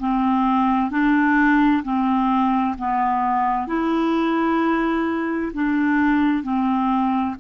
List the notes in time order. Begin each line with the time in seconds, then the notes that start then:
0.00 C4
0.91 D4
1.84 C4
2.79 B3
3.68 E4
5.54 D4
6.44 C4